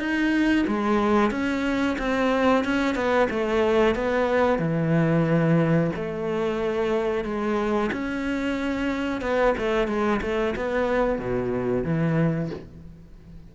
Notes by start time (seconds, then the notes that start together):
0.00 D#4
0.67 G#3
1.31 C#4
1.99 C4
2.65 C#4
2.96 B3
3.30 A3
3.96 B3
4.59 E3
5.96 A3
7.25 G#3
7.93 C#4
9.22 B3
9.59 A3
9.88 G#3
10.22 A3
10.56 B3
11.19 B2
11.85 E3